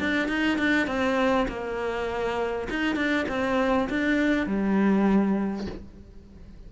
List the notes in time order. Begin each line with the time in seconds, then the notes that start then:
0.00 D4
0.28 D#4
0.58 D4
0.87 C4
1.48 A#3
2.70 D#4
2.96 D4
3.29 C4
3.89 D4
4.46 G3